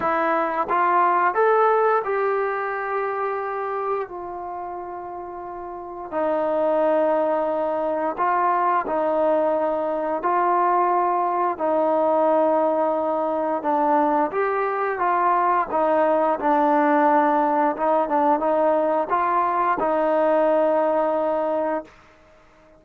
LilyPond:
\new Staff \with { instrumentName = "trombone" } { \time 4/4 \tempo 4 = 88 e'4 f'4 a'4 g'4~ | g'2 f'2~ | f'4 dis'2. | f'4 dis'2 f'4~ |
f'4 dis'2. | d'4 g'4 f'4 dis'4 | d'2 dis'8 d'8 dis'4 | f'4 dis'2. | }